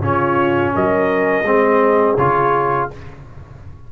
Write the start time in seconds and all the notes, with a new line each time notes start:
0.00 C#3 C#4 F4 C#5
0.74 F#3 A#4 D#5
1.43 G#3 C4
1.49 G#4
2.17 C#3 F4 C#5